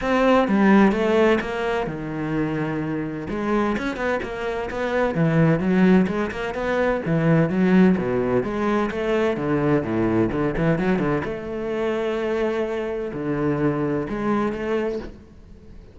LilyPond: \new Staff \with { instrumentName = "cello" } { \time 4/4 \tempo 4 = 128 c'4 g4 a4 ais4 | dis2. gis4 | cis'8 b8 ais4 b4 e4 | fis4 gis8 ais8 b4 e4 |
fis4 b,4 gis4 a4 | d4 a,4 d8 e8 fis8 d8 | a1 | d2 gis4 a4 | }